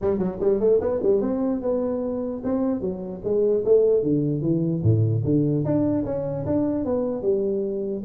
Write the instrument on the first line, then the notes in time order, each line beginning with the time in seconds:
tuba
0.01 G3
0.18 F#3
0.39 G3
0.60 A3
0.81 B3
1.02 G3
1.21 C4
1.61 B3
2.44 C4
2.81 F#3
3.23 G#3
3.64 A3
4.02 D3
4.41 E3
4.82 A2
5.24 D3
5.64 D4
6.05 C#4
6.45 D4
6.85 B3
7.22 G3